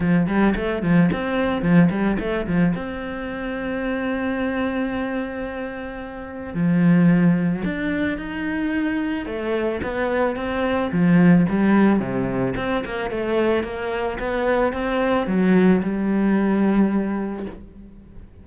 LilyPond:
\new Staff \with { instrumentName = "cello" } { \time 4/4 \tempo 4 = 110 f8 g8 a8 f8 c'4 f8 g8 | a8 f8 c'2.~ | c'1 | f2 d'4 dis'4~ |
dis'4 a4 b4 c'4 | f4 g4 c4 c'8 ais8 | a4 ais4 b4 c'4 | fis4 g2. | }